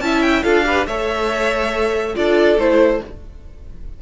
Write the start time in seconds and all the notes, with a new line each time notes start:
0.00 C#4 E4 E5 A5
0.22 G5
0.43 D4 F4 A4 F5
0.64 G4 B4
0.86 A3 A4 C#5 E5
2.15 D4 F4 A4 D5
2.57 A3 E4 C5